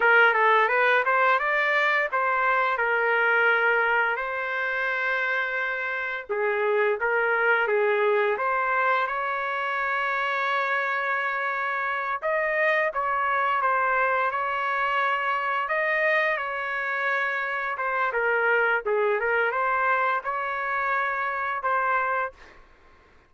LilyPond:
\new Staff \with { instrumentName = "trumpet" } { \time 4/4 \tempo 4 = 86 ais'8 a'8 b'8 c''8 d''4 c''4 | ais'2 c''2~ | c''4 gis'4 ais'4 gis'4 | c''4 cis''2.~ |
cis''4. dis''4 cis''4 c''8~ | c''8 cis''2 dis''4 cis''8~ | cis''4. c''8 ais'4 gis'8 ais'8 | c''4 cis''2 c''4 | }